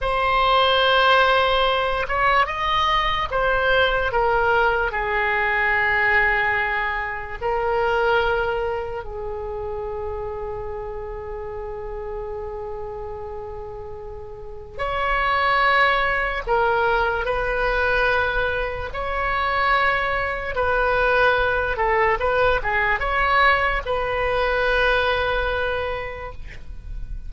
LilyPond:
\new Staff \with { instrumentName = "oboe" } { \time 4/4 \tempo 4 = 73 c''2~ c''8 cis''8 dis''4 | c''4 ais'4 gis'2~ | gis'4 ais'2 gis'4~ | gis'1~ |
gis'2 cis''2 | ais'4 b'2 cis''4~ | cis''4 b'4. a'8 b'8 gis'8 | cis''4 b'2. | }